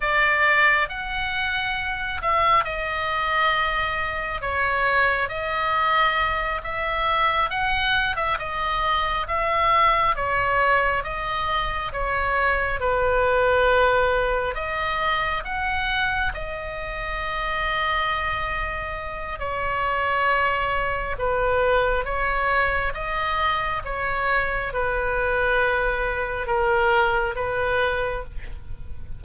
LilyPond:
\new Staff \with { instrumentName = "oboe" } { \time 4/4 \tempo 4 = 68 d''4 fis''4. e''8 dis''4~ | dis''4 cis''4 dis''4. e''8~ | e''8 fis''8. e''16 dis''4 e''4 cis''8~ | cis''8 dis''4 cis''4 b'4.~ |
b'8 dis''4 fis''4 dis''4.~ | dis''2 cis''2 | b'4 cis''4 dis''4 cis''4 | b'2 ais'4 b'4 | }